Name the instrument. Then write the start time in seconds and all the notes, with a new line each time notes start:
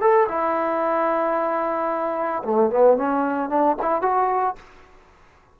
trombone
0.00 A4
0.28 E4
2.43 A3
2.70 B3
2.97 C#4
3.49 D4
3.81 E4
4.02 F#4